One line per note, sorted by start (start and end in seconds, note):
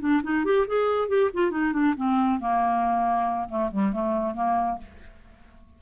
0.00 0.22 D4
0.23 0.45 D#4
0.45 0.67 G4
0.67 1.08 G#4
1.08 1.30 G4
1.34 1.51 F4
1.51 1.73 D#4
1.73 1.95 D4
1.97 2.40 C4
2.40 3.49 A#3
3.49 3.71 A3
3.72 3.93 G3
3.93 4.34 A3
4.34 4.78 A#3